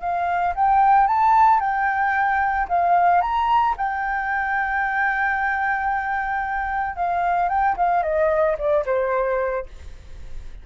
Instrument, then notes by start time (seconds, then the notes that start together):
flute
0.00 F5
0.55 G5
1.07 A5
1.59 G5
2.68 F5
3.21 A#5
3.77 G5
6.96 F5
7.49 G5
7.77 F5
8.02 D#5
8.58 D5
8.85 C5